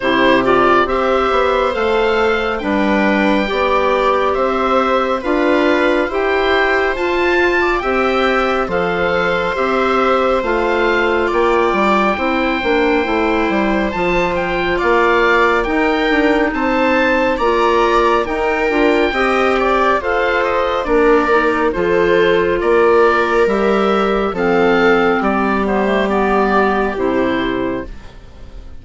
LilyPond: <<
  \new Staff \with { instrumentName = "oboe" } { \time 4/4 \tempo 4 = 69 c''8 d''8 e''4 f''4 g''4~ | g''4 e''4 f''4 g''4 | a''4 g''4 f''4 e''4 | f''4 g''2. |
a''8 g''8 f''4 g''4 a''4 | ais''4 g''2 f''8 dis''8 | d''4 c''4 d''4 e''4 | f''4 d''8 c''8 d''4 c''4 | }
  \new Staff \with { instrumentName = "viola" } { \time 4/4 g'4 c''2 b'4 | d''4 c''4 b'4 c''4~ | c''8. d''16 e''4 c''2~ | c''4 d''4 c''2~ |
c''4 d''4 ais'4 c''4 | d''4 ais'4 dis''8 d''8 c''4 | ais'4 a'4 ais'2 | a'4 g'2. | }
  \new Staff \with { instrumentName = "clarinet" } { \time 4/4 e'8 f'8 g'4 a'4 d'4 | g'2 f'4 g'4 | f'4 g'4 a'4 g'4 | f'2 e'8 d'8 e'4 |
f'2 dis'2 | f'4 dis'8 f'8 g'4 a'4 | d'8 dis'8 f'2 g'4 | c'4. b16 a16 b4 e'4 | }
  \new Staff \with { instrumentName = "bassoon" } { \time 4/4 c4 c'8 b8 a4 g4 | b4 c'4 d'4 e'4 | f'4 c'4 f4 c'4 | a4 ais8 g8 c'8 ais8 a8 g8 |
f4 ais4 dis'8 d'8 c'4 | ais4 dis'8 d'8 c'4 f'4 | ais4 f4 ais4 g4 | f4 g2 c4 | }
>>